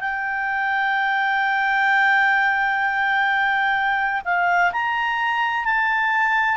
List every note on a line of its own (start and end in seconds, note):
0.00 4.22 G5
4.25 4.72 F5
4.73 5.65 A#5
5.65 6.57 A5